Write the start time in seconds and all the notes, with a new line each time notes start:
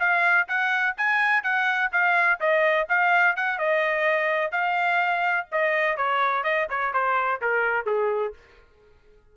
0.00 F5
0.48 F#5
0.97 G#5
1.44 F#5
1.92 F5
2.40 D#5
2.89 F5
3.36 F#5
3.58 D#5
4.52 F5
5.52 D#5
5.97 C#5
6.44 D#5
6.70 C#5
6.94 C5
7.42 A#4
7.86 G#4